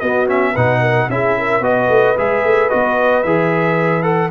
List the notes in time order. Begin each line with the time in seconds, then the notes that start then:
0.00 B3 F#4 D#5
0.27 C#4 E5
0.52 B2 D#4 B4 F#5
0.80 A#4
1.09 C#4 E4 G#4 E5
1.39 A#4
1.60 B3 F#4 B4 D#5
1.89 A3
2.17 G#3 G#4 E5
2.44 A3
2.69 B3 F#4 D#5
3.23 E3 G#4 E5
4.02 A4 F#5